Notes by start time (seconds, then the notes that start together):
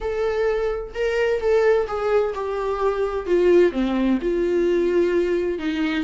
0.00 A4
0.94 A#4
1.40 A4
1.87 G#4
2.34 G4
3.26 F4
3.71 C4
4.21 F4
5.58 D#4